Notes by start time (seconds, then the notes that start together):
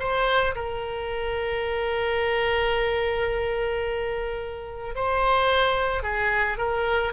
0.00 C5
0.56 A#4
4.95 C5
6.03 G#4
6.58 A#4